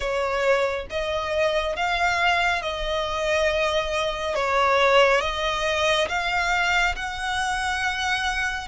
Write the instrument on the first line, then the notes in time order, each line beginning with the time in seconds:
violin
0.00 C#5
0.89 D#5
1.76 F5
2.62 D#5
4.35 C#5
5.21 D#5
6.08 F5
6.95 F#5